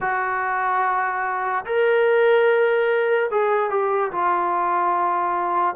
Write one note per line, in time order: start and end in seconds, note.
0.00 1.65 F#4
1.65 3.30 A#4
3.30 3.70 G#4
3.70 4.11 G4
4.11 5.75 F4